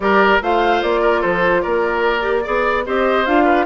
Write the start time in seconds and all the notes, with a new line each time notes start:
0.00 G3 G4 A#4 D5
0.41 A3 F4 C5 F5
0.82 A#3 D5
1.00 A#4
1.20 F3 A4 C5
1.61 A#3 A#4 D5
2.21 G4
2.43 B3 G#4 D5
2.85 C4 G4 C5 D#5
3.25 D4 F4 F5
3.44 B4